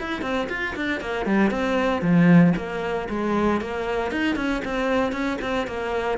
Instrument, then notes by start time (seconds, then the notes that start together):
cello
0.00 E4
0.22 C4
0.49 F4
0.76 D4
1.01 A#3
1.26 G3
1.51 C4
2.02 F3
2.57 A#3
3.10 G#3
3.61 A#3
4.11 D#4
4.36 C#4
4.65 C4
5.12 C#4
5.42 C4
5.67 A#3